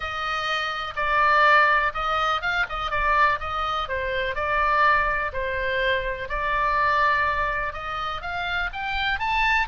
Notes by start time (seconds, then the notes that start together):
0.00 D#5
0.95 D5
1.94 D#5
2.41 F5
2.69 D#5
2.90 D5
3.40 D#5
3.88 C5
4.35 D5
5.32 C5
6.28 D5
7.73 D#5
8.21 F5
8.73 G5
9.19 A5